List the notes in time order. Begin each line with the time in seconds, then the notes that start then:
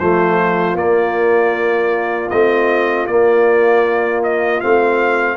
0.00 F3 A3 F4 C5
0.75 A#3 D5
2.30 A3 C4 D#5
3.08 A#3 D5
4.24 D#5
4.61 A3 C4 F5